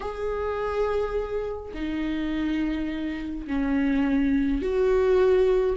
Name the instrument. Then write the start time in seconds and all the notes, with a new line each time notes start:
viola
0.00 G#4
1.74 D#4
3.47 C#4
4.62 F#4